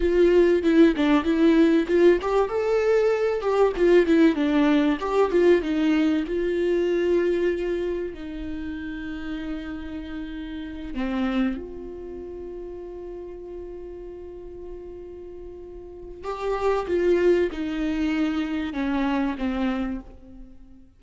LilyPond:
\new Staff \with { instrumentName = "viola" } { \time 4/4 \tempo 4 = 96 f'4 e'8 d'8 e'4 f'8 g'8 | a'4. g'8 f'8 e'8 d'4 | g'8 f'8 dis'4 f'2~ | f'4 dis'2.~ |
dis'4. c'4 f'4.~ | f'1~ | f'2 g'4 f'4 | dis'2 cis'4 c'4 | }